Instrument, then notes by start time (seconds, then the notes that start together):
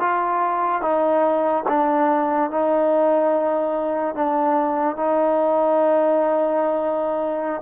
trombone
0.00 F4
0.82 D#4
1.68 D4
2.51 D#4
4.15 D4
4.97 D#4